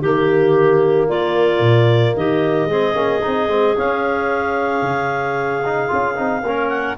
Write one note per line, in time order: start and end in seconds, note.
0.00 1.09 D#3
0.00 2.70 A#3
0.00 1.07 G4
0.00 1.08 G4
1.07 1.59 A#3
1.07 2.14 F4
1.07 2.16 D5
1.59 2.13 A#2
2.16 2.65 D#3
2.16 2.69 G4
2.16 3.77 D#5
2.65 2.92 G#3
2.65 2.94 C4
2.65 6.44 G#4
2.94 3.21 A#3
2.94 3.21 C#4
3.22 3.48 C4
3.22 3.49 D#4
3.48 3.75 G#3
3.48 3.76 C4
3.76 5.64 C#4
3.76 4.82 C#4
3.76 6.69 F5
4.82 5.89 C#3
5.65 5.88 D#4
5.88 6.18 C#4
5.88 6.15 F4
6.15 6.43 C4
6.15 6.42 D#4
6.43 6.96 A#3
6.43 6.98 C#4
6.43 6.98 A#4
6.69 6.95 F#5